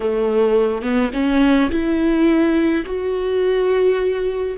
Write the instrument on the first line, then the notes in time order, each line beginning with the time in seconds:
viola
0.00 A3
0.82 B3
1.13 C#4
1.70 E4
2.85 F#4